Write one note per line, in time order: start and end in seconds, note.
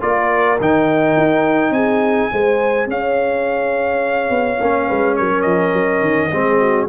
0.00 0.59 A#3
0.00 0.57 F4
0.00 1.74 A#4
0.00 0.58 D5
0.60 1.17 D#3
0.60 2.31 D#4
0.60 1.73 G5
1.17 1.70 D#4
1.70 2.27 C4
1.70 2.31 G#4
1.70 2.87 G#5
2.31 2.87 G#3
2.31 4.59 G#4
2.31 2.89 C5
2.87 4.29 C#4
2.87 4.86 C#5
2.87 5.16 F5
4.29 4.58 B3
4.59 4.88 A#3
4.59 6.31 C#4
4.86 5.19 G#3
4.86 5.15 B4
5.16 5.45 F#3
5.16 6.31 A#4
5.16 5.41 C#5
5.41 5.73 F3
5.41 6.84 D#5
5.73 6.01 F#3
6.01 6.29 D#3
6.31 6.88 G#3
6.31 6.88 C4
6.31 6.59 G#4
6.59 6.88 F#4